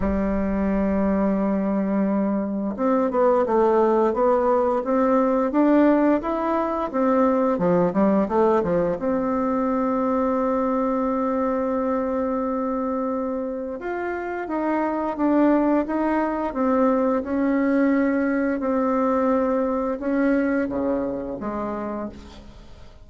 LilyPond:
\new Staff \with { instrumentName = "bassoon" } { \time 4/4 \tempo 4 = 87 g1 | c'8 b8 a4 b4 c'4 | d'4 e'4 c'4 f8 g8 | a8 f8 c'2.~ |
c'1 | f'4 dis'4 d'4 dis'4 | c'4 cis'2 c'4~ | c'4 cis'4 cis4 gis4 | }